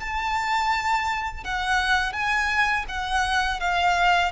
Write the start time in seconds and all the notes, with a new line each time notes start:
0.00 A5
1.44 F#5
2.13 G#5
2.88 F#5
3.60 F5